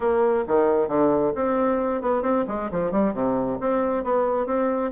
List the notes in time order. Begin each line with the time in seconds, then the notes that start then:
0.00 A#3
0.47 D#3
0.87 D3
1.35 C4
2.01 B3
2.22 C4
2.47 G#3
2.71 F3
2.91 G3
3.13 C3
3.60 C4
4.03 B3
4.46 C4